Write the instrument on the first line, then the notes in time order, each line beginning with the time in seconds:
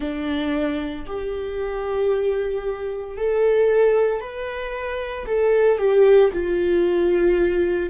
viola
0.00 D4
1.06 G4
3.17 A4
4.20 B4
5.26 A4
5.78 G4
6.33 F4